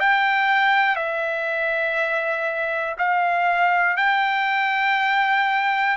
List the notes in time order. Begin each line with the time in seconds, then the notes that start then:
0.00 G5
0.96 E5
2.98 F5
3.97 G5